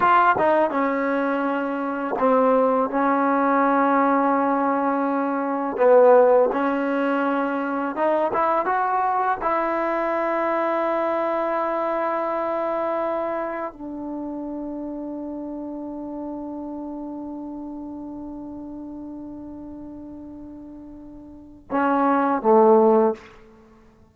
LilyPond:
\new Staff \with { instrumentName = "trombone" } { \time 4/4 \tempo 4 = 83 f'8 dis'8 cis'2 c'4 | cis'1 | b4 cis'2 dis'8 e'8 | fis'4 e'2.~ |
e'2. d'4~ | d'1~ | d'1~ | d'2 cis'4 a4 | }